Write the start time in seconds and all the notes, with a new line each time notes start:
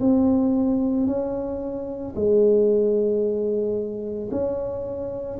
0.00 C4
1.07 C#4
2.15 G#3
4.31 C#4